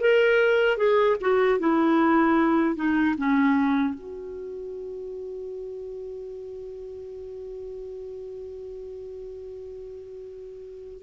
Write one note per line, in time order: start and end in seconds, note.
0.00 0.77 A#4
0.77 1.17 G#4
1.21 1.59 F#4
1.59 2.76 E4
2.76 3.15 D#4
3.18 3.94 C#4
3.94 11.03 F#4